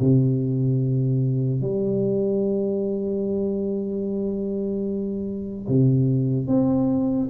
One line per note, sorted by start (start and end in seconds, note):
0.00 1.62 C3
1.62 5.67 G3
5.68 6.48 C3
6.48 7.29 C4